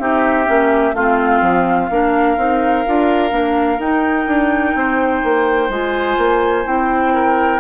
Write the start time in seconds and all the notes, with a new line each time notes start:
0.00 C4 D#4 G4 E5
0.46 A#3 C#4
0.93 A3 C4 F4 F5
1.41 F3
1.91 A#3 D4 A#4
2.37 C4 D#4
2.86 D4 F4
3.30 A#3 D4
3.79 D#4 G5
4.27 D4
4.75 C4 C5
5.24 A#3
5.69 G#3 F4 G#5
6.18 A#3
6.66 C4 E4 G5
7.14 A#4